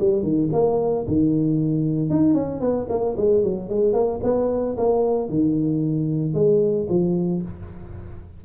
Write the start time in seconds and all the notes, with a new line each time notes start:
0.00 G3
0.23 D#3
0.53 A#3
1.07 D#3
2.10 D#4
2.34 C#4
2.61 B3
2.89 A#3
3.18 G#3
3.44 F#3
3.70 G#3
3.94 A#3
4.24 B3
4.78 A#3
5.30 D#3
6.34 G#3
6.90 F3